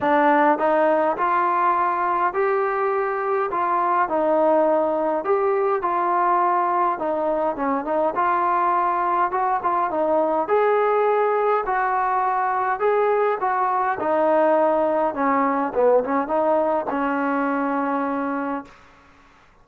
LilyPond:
\new Staff \with { instrumentName = "trombone" } { \time 4/4 \tempo 4 = 103 d'4 dis'4 f'2 | g'2 f'4 dis'4~ | dis'4 g'4 f'2 | dis'4 cis'8 dis'8 f'2 |
fis'8 f'8 dis'4 gis'2 | fis'2 gis'4 fis'4 | dis'2 cis'4 b8 cis'8 | dis'4 cis'2. | }